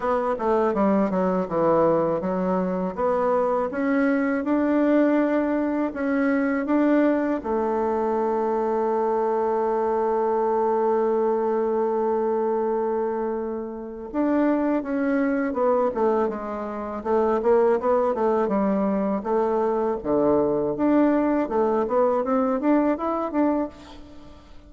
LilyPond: \new Staff \with { instrumentName = "bassoon" } { \time 4/4 \tempo 4 = 81 b8 a8 g8 fis8 e4 fis4 | b4 cis'4 d'2 | cis'4 d'4 a2~ | a1~ |
a2. d'4 | cis'4 b8 a8 gis4 a8 ais8 | b8 a8 g4 a4 d4 | d'4 a8 b8 c'8 d'8 e'8 d'8 | }